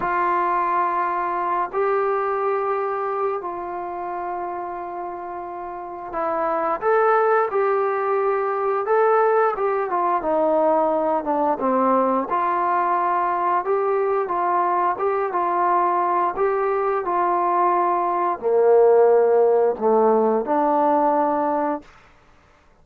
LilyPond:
\new Staff \with { instrumentName = "trombone" } { \time 4/4 \tempo 4 = 88 f'2~ f'8 g'4.~ | g'4 f'2.~ | f'4 e'4 a'4 g'4~ | g'4 a'4 g'8 f'8 dis'4~ |
dis'8 d'8 c'4 f'2 | g'4 f'4 g'8 f'4. | g'4 f'2 ais4~ | ais4 a4 d'2 | }